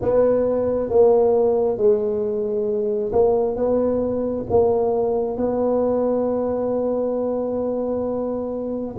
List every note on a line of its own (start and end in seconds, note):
0.01 0.89 B3
0.89 1.77 A#3
1.77 3.11 G#3
3.12 3.56 A#3
3.56 4.45 B3
4.49 5.37 A#3
5.37 8.95 B3